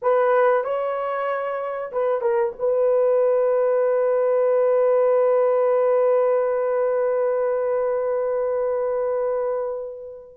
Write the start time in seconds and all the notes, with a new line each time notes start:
0.02 B4
0.64 C#5
1.91 B4
2.21 A#4
2.59 B4